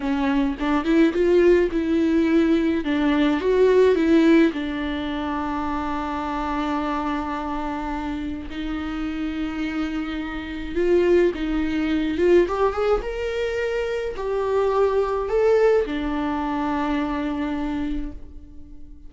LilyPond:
\new Staff \with { instrumentName = "viola" } { \time 4/4 \tempo 4 = 106 cis'4 d'8 e'8 f'4 e'4~ | e'4 d'4 fis'4 e'4 | d'1~ | d'2. dis'4~ |
dis'2. f'4 | dis'4. f'8 g'8 gis'8 ais'4~ | ais'4 g'2 a'4 | d'1 | }